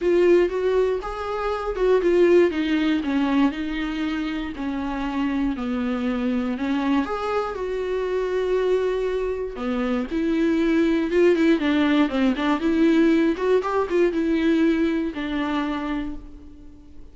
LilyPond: \new Staff \with { instrumentName = "viola" } { \time 4/4 \tempo 4 = 119 f'4 fis'4 gis'4. fis'8 | f'4 dis'4 cis'4 dis'4~ | dis'4 cis'2 b4~ | b4 cis'4 gis'4 fis'4~ |
fis'2. b4 | e'2 f'8 e'8 d'4 | c'8 d'8 e'4. fis'8 g'8 f'8 | e'2 d'2 | }